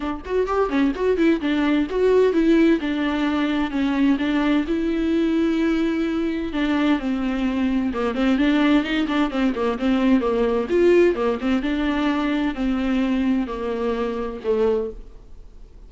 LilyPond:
\new Staff \with { instrumentName = "viola" } { \time 4/4 \tempo 4 = 129 d'8 fis'8 g'8 cis'8 fis'8 e'8 d'4 | fis'4 e'4 d'2 | cis'4 d'4 e'2~ | e'2 d'4 c'4~ |
c'4 ais8 c'8 d'4 dis'8 d'8 | c'8 ais8 c'4 ais4 f'4 | ais8 c'8 d'2 c'4~ | c'4 ais2 a4 | }